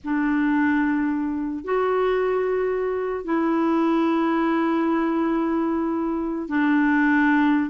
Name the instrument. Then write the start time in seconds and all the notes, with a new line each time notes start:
clarinet
0.04 D4
1.64 F#4
3.24 E4
6.48 D4